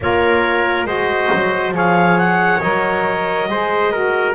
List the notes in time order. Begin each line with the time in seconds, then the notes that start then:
0.01 A#3 F4 A#4 C#5
0.85 G#3 F#4 C5 D#5
1.33 F#3
1.71 F3 G#4 C#5 F5
2.18 F#5
2.60 F#3 A#4 D#5
3.48 G#3 G#4 C5
3.91 F#4 A#4